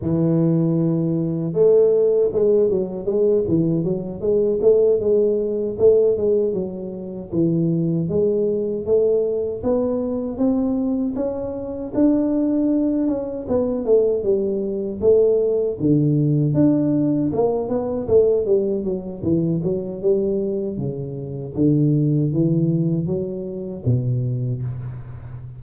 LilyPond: \new Staff \with { instrumentName = "tuba" } { \time 4/4 \tempo 4 = 78 e2 a4 gis8 fis8 | gis8 e8 fis8 gis8 a8 gis4 a8 | gis8 fis4 e4 gis4 a8~ | a8 b4 c'4 cis'4 d'8~ |
d'4 cis'8 b8 a8 g4 a8~ | a8 d4 d'4 ais8 b8 a8 | g8 fis8 e8 fis8 g4 cis4 | d4 e4 fis4 b,4 | }